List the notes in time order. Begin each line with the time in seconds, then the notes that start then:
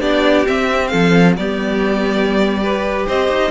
0.00 B3 D4 G4 D5
0.46 C4 E5
0.87 F3 A4 F5
1.37 G3 B3 G4 D5
2.61 G4 B4
3.06 C4 C5 D#5
3.28 D#4